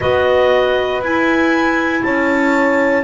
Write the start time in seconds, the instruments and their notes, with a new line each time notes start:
0.00 double bass B3, clarinet F#4 D#5, horn B4
1.00 double bass E4, clarinet E4 G#5
2.03 double bass C#4, horn C#5, clarinet A5